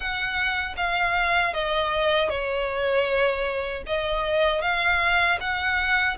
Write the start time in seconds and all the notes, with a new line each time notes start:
0.00 F#5
0.76 F5
1.53 D#5
2.29 C#5
3.86 D#5
4.62 F5
5.40 F#5